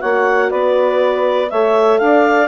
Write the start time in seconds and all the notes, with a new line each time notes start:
0.00 A#3 F#4 C#5 F#5
0.49 B3 B4 D5
1.50 A3 A4 C#5 E5
1.99 D4 D5 F5